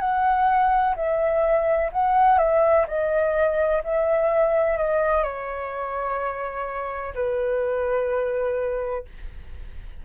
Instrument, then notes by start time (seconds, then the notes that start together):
flute
0.00 F#5
0.96 E5
1.92 F#5
2.39 E5
2.88 D#5
3.84 E5
4.77 D#5
5.23 C#5
7.15 B4